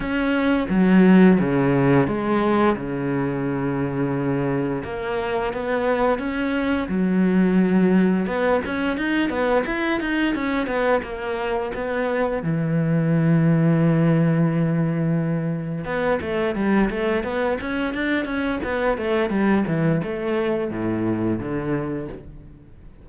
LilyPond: \new Staff \with { instrumentName = "cello" } { \time 4/4 \tempo 4 = 87 cis'4 fis4 cis4 gis4 | cis2. ais4 | b4 cis'4 fis2 | b8 cis'8 dis'8 b8 e'8 dis'8 cis'8 b8 |
ais4 b4 e2~ | e2. b8 a8 | g8 a8 b8 cis'8 d'8 cis'8 b8 a8 | g8 e8 a4 a,4 d4 | }